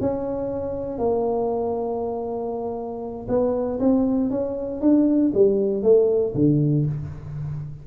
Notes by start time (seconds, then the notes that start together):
0.00 C#4
0.98 A#3
3.28 B3
3.80 C4
4.30 C#4
4.81 D4
5.34 G3
5.82 A3
6.34 D3